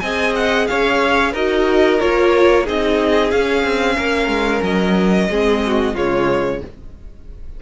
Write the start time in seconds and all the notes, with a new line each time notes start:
0.00 C4 G#4 D#5 G#5
0.36 F#5
0.67 C#4 C#5 F5
1.32 D#4 F#4 A#4 D#5
2.00 A#3 F4 C#5
2.64 C4 D#4 G#4 D#5
3.31 C#4 F5
3.64 C4
3.97 A#3 A#4
4.28 G#3
4.63 F#3 D#5
5.30 G#3 C4 G#4
5.67 F#4
5.95 C#3 G#3 F4 C#5